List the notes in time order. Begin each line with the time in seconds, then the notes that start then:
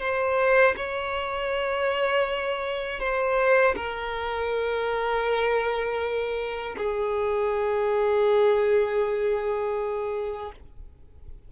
0.00 C5
0.76 C#5
3.00 C5
3.76 A#4
6.77 G#4